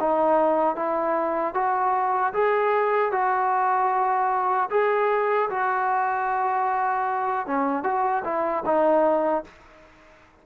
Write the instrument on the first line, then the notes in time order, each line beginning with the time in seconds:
trombone
0.00 D#4
0.76 E4
1.54 F#4
2.34 G#4
3.12 F#4
4.70 G#4
5.50 F#4
7.47 C#4
7.84 F#4
8.24 E4
8.65 D#4